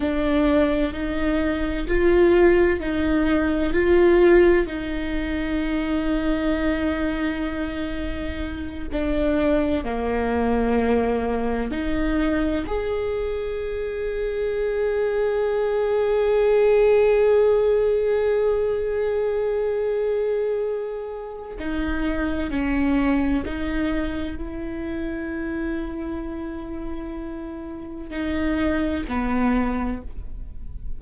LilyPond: \new Staff \with { instrumentName = "viola" } { \time 4/4 \tempo 4 = 64 d'4 dis'4 f'4 dis'4 | f'4 dis'2.~ | dis'4. d'4 ais4.~ | ais8 dis'4 gis'2~ gis'8~ |
gis'1~ | gis'2. dis'4 | cis'4 dis'4 e'2~ | e'2 dis'4 b4 | }